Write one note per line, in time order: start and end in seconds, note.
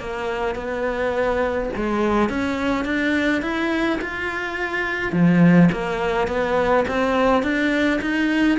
0.00 0.55 A#3
0.55 1.70 B3
1.76 2.29 G#3
2.29 2.85 C#4
2.85 3.42 D4
3.42 3.99 E4
4.01 5.12 F4
5.12 5.69 F3
5.72 6.28 A#3
6.28 6.85 B3
6.88 7.43 C4
7.43 8.00 D4
8.01 8.58 D#4